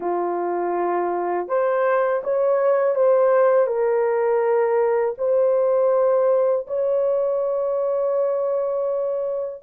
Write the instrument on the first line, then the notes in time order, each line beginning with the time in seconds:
horn
0.00 F4
1.48 C5
2.23 C#5
2.95 C5
3.66 A#4
5.18 C5
6.67 C#5